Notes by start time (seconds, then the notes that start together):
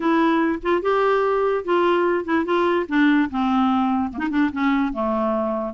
0.00 E4
0.62 F4
0.82 G4
1.64 F4
2.24 E4
2.45 F4
2.88 D4
3.30 C4
4.12 A#3 D#4
4.30 D4
4.52 C#4
4.92 A3